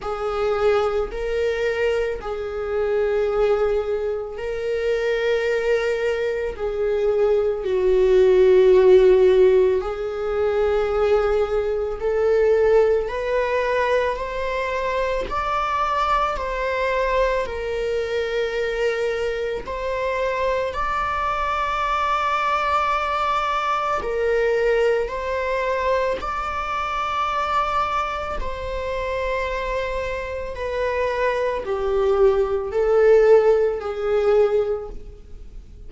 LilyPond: \new Staff \with { instrumentName = "viola" } { \time 4/4 \tempo 4 = 55 gis'4 ais'4 gis'2 | ais'2 gis'4 fis'4~ | fis'4 gis'2 a'4 | b'4 c''4 d''4 c''4 |
ais'2 c''4 d''4~ | d''2 ais'4 c''4 | d''2 c''2 | b'4 g'4 a'4 gis'4 | }